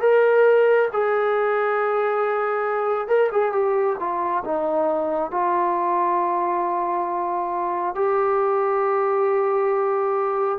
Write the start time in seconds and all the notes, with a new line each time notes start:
0.00 A#4
0.92 G#4
3.07 A#4
3.31 G#4
3.52 G4
3.99 F4
4.44 D#4
5.31 F4
7.95 G4